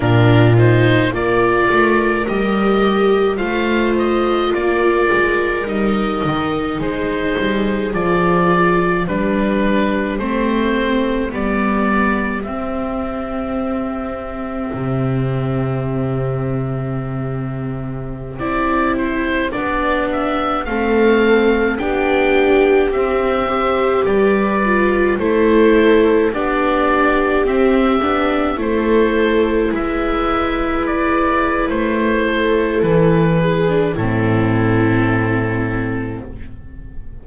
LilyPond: <<
  \new Staff \with { instrumentName = "oboe" } { \time 4/4 \tempo 4 = 53 ais'8 c''8 d''4 dis''4 f''8 dis''8 | d''4 dis''4 c''4 d''4 | b'4 c''4 d''4 e''4~ | e''1~ |
e''16 d''8 c''8 d''8 e''8 f''4 g''8.~ | g''16 e''4 d''4 c''4 d''8.~ | d''16 e''4 c''4 e''4 d''8. | c''4 b'4 a'2 | }
  \new Staff \with { instrumentName = "viola" } { \time 4/4 f'4 ais'2 c''4 | ais'2 gis'2 | g'1~ | g'1~ |
g'2~ g'16 a'4 g'8.~ | g'8. c''8 b'4 a'4 g'8.~ | g'4~ g'16 a'4 b'4.~ b'16~ | b'8 a'4 gis'8 e'2 | }
  \new Staff \with { instrumentName = "viola" } { \time 4/4 d'8 dis'8 f'4 g'4 f'4~ | f'4 dis'2 f'4 | d'4 c'4 b4 c'4~ | c'1~ |
c'16 e'4 d'4 c'4 d'8.~ | d'16 c'8 g'4 f'8 e'4 d'8.~ | d'16 c'8 d'8 e'2~ e'8.~ | e'4.~ e'16 d'16 c'2 | }
  \new Staff \with { instrumentName = "double bass" } { \time 4/4 ais,4 ais8 a8 g4 a4 | ais8 gis8 g8 dis8 gis8 g8 f4 | g4 a4 g4 c'4~ | c'4 c2.~ |
c16 c'4 b4 a4 b8.~ | b16 c'4 g4 a4 b8.~ | b16 c'8 b8 a4 gis4.~ gis16 | a4 e4 a,2 | }
>>